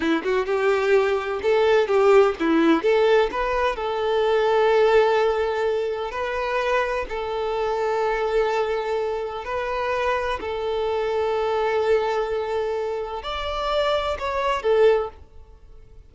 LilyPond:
\new Staff \with { instrumentName = "violin" } { \time 4/4 \tempo 4 = 127 e'8 fis'8 g'2 a'4 | g'4 e'4 a'4 b'4 | a'1~ | a'4 b'2 a'4~ |
a'1 | b'2 a'2~ | a'1 | d''2 cis''4 a'4 | }